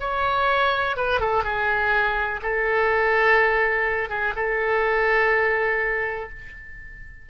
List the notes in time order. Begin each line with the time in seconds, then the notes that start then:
0.00 C#5
0.97 B4
1.21 A4
1.44 G#4
2.42 A4
4.10 G#4
4.36 A4